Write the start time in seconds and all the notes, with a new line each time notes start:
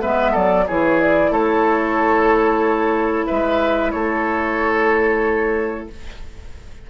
0.00 G#3 B3 B4 E5
0.32 F#3 A4 D5
0.67 E3 E4 G#4 C#5
1.00 D5
1.31 A3 A4 C#5
3.26 G#3 B4 E5
3.91 A3 A4 C#5